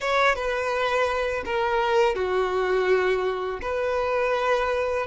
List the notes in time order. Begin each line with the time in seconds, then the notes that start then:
0.00 C#5
0.35 B4
1.45 A#4
2.15 F#4
3.61 B4